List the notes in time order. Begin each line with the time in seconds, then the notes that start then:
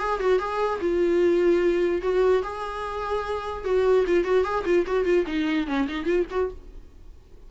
0.00 G#4
0.20 F#4
0.39 G#4
0.81 F4
2.02 F#4
2.43 G#4
3.65 F#4
4.07 F4
4.25 F#4
4.45 G#4
4.66 F4
4.87 F#4
5.05 F4
5.27 D#4
5.67 C#4
5.89 D#4
6.06 F4
6.31 F#4